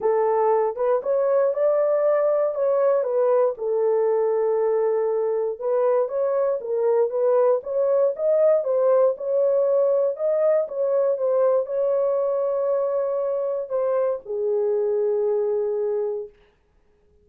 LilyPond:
\new Staff \with { instrumentName = "horn" } { \time 4/4 \tempo 4 = 118 a'4. b'8 cis''4 d''4~ | d''4 cis''4 b'4 a'4~ | a'2. b'4 | cis''4 ais'4 b'4 cis''4 |
dis''4 c''4 cis''2 | dis''4 cis''4 c''4 cis''4~ | cis''2. c''4 | gis'1 | }